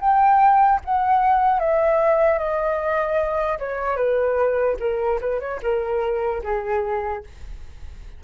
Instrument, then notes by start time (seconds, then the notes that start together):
flute
0.00 G5
0.84 F#5
1.59 E5
2.38 D#5
3.59 C#5
3.96 B4
4.79 A#4
5.20 B4
5.40 C#5
5.62 A#4
6.43 G#4